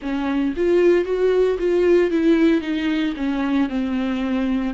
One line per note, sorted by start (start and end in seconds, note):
0.01 0.54 C#4
0.56 1.04 F4
1.04 1.57 F#4
1.59 2.11 F4
2.11 2.61 E4
2.61 3.14 D#4
3.16 3.69 C#4
3.69 4.74 C4